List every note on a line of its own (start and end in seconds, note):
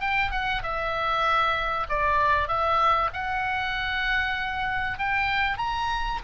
0.00 0.31 G5
0.31 0.62 F#5
0.63 1.86 E5
1.89 2.48 D5
2.48 3.10 E5
3.13 4.98 F#5
4.98 5.58 G5
5.58 6.19 A#5